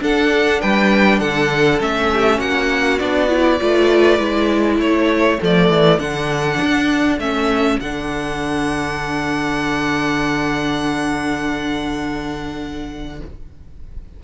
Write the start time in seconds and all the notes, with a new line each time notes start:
0.00 D4 A4 F#5
0.61 G3 B4 G5
1.19 D3 A4 F#5
1.79 A3 C#4 E5
2.13 G4
2.39 A#3 F#4 F#5
2.99 B3 D4 D5
3.29 E4
3.61 A3 F4 B4
4.19 G#3 E4
4.76 A3 A4 C#5
5.40 F3 A3 D5
5.70 E3
5.99 D3 D4 F#5
6.61 D4
7.19 A3 C#4 E5
7.80 D3 D4 F#5